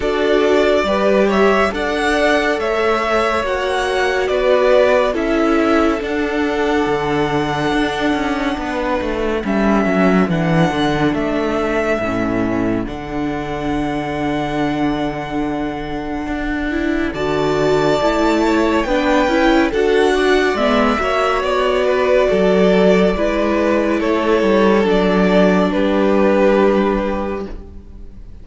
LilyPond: <<
  \new Staff \with { instrumentName = "violin" } { \time 4/4 \tempo 4 = 70 d''4. e''8 fis''4 e''4 | fis''4 d''4 e''4 fis''4~ | fis''2. e''4 | fis''4 e''2 fis''4~ |
fis''1 | a''2 g''4 fis''4 | e''4 d''2. | cis''4 d''4 b'2 | }
  \new Staff \with { instrumentName = "violin" } { \time 4/4 a'4 b'8 cis''8 d''4 cis''4~ | cis''4 b'4 a'2~ | a'2 b'4 a'4~ | a'1~ |
a'1 | d''4. cis''8 b'4 a'8 d''8~ | d''8 cis''4 b'8 a'4 b'4 | a'2 g'2 | }
  \new Staff \with { instrumentName = "viola" } { \time 4/4 fis'4 g'4 a'2 | fis'2 e'4 d'4~ | d'2. cis'4 | d'2 cis'4 d'4~ |
d'2.~ d'8 e'8 | fis'4 e'4 d'8 e'8 fis'4 | b8 fis'2~ fis'8 e'4~ | e'4 d'2. | }
  \new Staff \with { instrumentName = "cello" } { \time 4/4 d'4 g4 d'4 a4 | ais4 b4 cis'4 d'4 | d4 d'8 cis'8 b8 a8 g8 fis8 | e8 d8 a4 a,4 d4~ |
d2. d'4 | d4 a4 b8 cis'8 d'4 | gis8 ais8 b4 fis4 gis4 | a8 g8 fis4 g2 | }
>>